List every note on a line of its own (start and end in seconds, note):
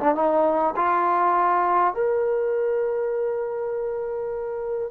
0.00 0.15 D4
0.15 0.74 D#4
0.76 1.94 F4
1.94 4.91 A#4